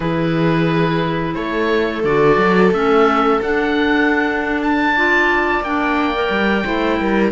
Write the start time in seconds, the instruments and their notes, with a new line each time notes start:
0.00 cello E3, clarinet E4, viola G#4, oboe B4
1.34 cello A3, viola A4, oboe C#5
2.03 cello D3, clarinet F#4, oboe D5
2.37 cello F#3
2.71 cello A3, clarinet C#4, oboe E5
3.41 clarinet D4, cello D4, oboe F#5
4.62 oboe A5
4.95 clarinet F4, viola D5
5.60 cello A#3, clarinet D4, oboe G5
6.14 clarinet A#4
6.29 cello G3
6.64 cello A3, clarinet E4, viola C5
6.99 cello G3, viola A#4